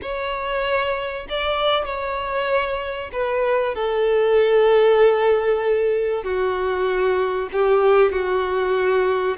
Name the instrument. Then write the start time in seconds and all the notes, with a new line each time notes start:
violin
0.01 C#5
1.29 D5
1.85 C#5
3.12 B4
3.74 A4
6.23 F#4
7.52 G4
8.12 F#4